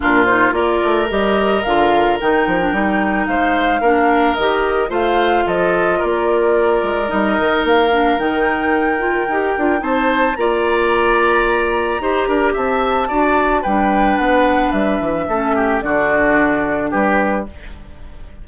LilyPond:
<<
  \new Staff \with { instrumentName = "flute" } { \time 4/4 \tempo 4 = 110 ais'8 c''8 d''4 dis''4 f''4 | g''2 f''2 | dis''4 f''4 dis''4 d''4~ | d''4 dis''4 f''4 g''4~ |
g''2 a''4 ais''4~ | ais''2. a''4~ | a''4 g''4 fis''4 e''4~ | e''4 d''2 b'4 | }
  \new Staff \with { instrumentName = "oboe" } { \time 4/4 f'4 ais'2.~ | ais'2 c''4 ais'4~ | ais'4 c''4 a'4 ais'4~ | ais'1~ |
ais'2 c''4 d''4~ | d''2 c''8 ais'8 e''4 | d''4 b'2. | a'8 g'8 fis'2 g'4 | }
  \new Staff \with { instrumentName = "clarinet" } { \time 4/4 d'8 dis'8 f'4 g'4 f'4 | dis'8. d'16 dis'2 d'4 | g'4 f'2.~ | f'4 dis'4. d'8 dis'4~ |
dis'8 f'8 g'8 f'8 dis'4 f'4~ | f'2 g'2 | fis'4 d'2. | cis'4 d'2. | }
  \new Staff \with { instrumentName = "bassoon" } { \time 4/4 ais,4 ais8 a8 g4 d4 | dis8 f8 g4 gis4 ais4 | dis4 a4 f4 ais4~ | ais8 gis8 g8 dis8 ais4 dis4~ |
dis4 dis'8 d'8 c'4 ais4~ | ais2 dis'8 d'8 c'4 | d'4 g4 b4 g8 e8 | a4 d2 g4 | }
>>